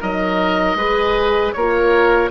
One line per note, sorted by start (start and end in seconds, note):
0.00 0.75 F#3
0.00 0.77 D#4
0.00 0.77 A#4
0.00 1.52 D#5
0.75 1.52 G#3
0.75 1.54 G#4
0.75 1.54 B4
1.52 2.30 A#3
1.52 2.30 F4
1.52 2.30 A#4
1.52 2.29 C#5